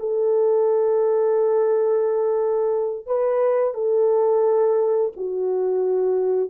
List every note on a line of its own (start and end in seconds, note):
0.00 3.07 A4
3.07 3.74 B4
3.74 5.12 A4
5.17 6.50 F#4